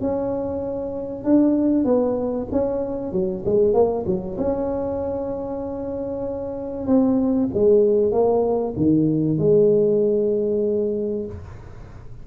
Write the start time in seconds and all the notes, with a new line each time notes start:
0.00 C#4
1.24 D4
1.84 B3
2.52 C#4
3.12 F#3
3.45 G#3
3.73 A#3
4.06 F#3
4.37 C#4
6.86 C4
7.53 G#3
8.11 A#3
8.76 D#3
9.38 G#3